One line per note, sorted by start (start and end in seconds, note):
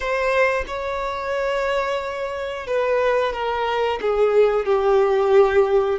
0.00 0.64 C5
0.67 2.66 C#5
2.66 3.32 B4
3.32 3.99 A#4
4.01 4.65 G#4
4.65 5.98 G4